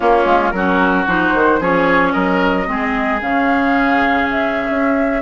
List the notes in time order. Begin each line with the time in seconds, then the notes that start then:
0.00 A#3 C#4 F4
0.25 G#3
0.51 F#3 C#4 F#4 A#4
1.07 F3 D#4 C5
1.34 D#3
1.60 F3 C#4 G#4 C#5
2.12 F#3 A#4 D#5
2.66 G#3 C4 G#4
3.21 C#3 C#4 F5
4.30 E5
4.70 C#4